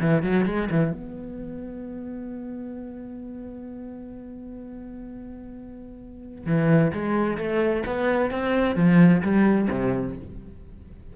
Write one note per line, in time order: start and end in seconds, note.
0.00 0.22 E3
0.22 0.46 F#3
0.46 0.69 G#3
0.70 0.92 E3
0.92 6.46 B3
6.46 6.92 E3
6.93 7.37 G#3
7.37 7.83 A3
7.86 8.31 B3
8.31 8.75 C4
8.75 9.22 F3
9.22 9.68 G3
9.70 10.16 C3